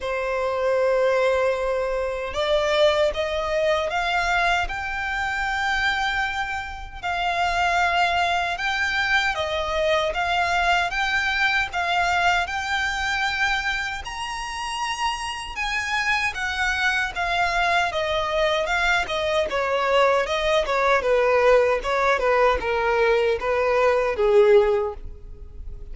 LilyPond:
\new Staff \with { instrumentName = "violin" } { \time 4/4 \tempo 4 = 77 c''2. d''4 | dis''4 f''4 g''2~ | g''4 f''2 g''4 | dis''4 f''4 g''4 f''4 |
g''2 ais''2 | gis''4 fis''4 f''4 dis''4 | f''8 dis''8 cis''4 dis''8 cis''8 b'4 | cis''8 b'8 ais'4 b'4 gis'4 | }